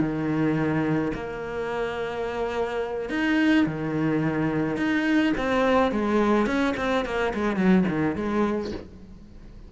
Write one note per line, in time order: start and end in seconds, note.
0.00 1.12 D#3
1.14 3.10 A#3
3.10 3.66 D#4
3.66 4.77 D#3
4.77 5.33 D#4
5.37 5.92 C4
5.92 6.47 G#3
6.47 6.75 C#4
6.77 7.05 C4
7.06 7.34 A#3
7.34 7.56 G#3
7.56 7.85 F#3
7.89 8.16 D#3
8.16 8.72 G#3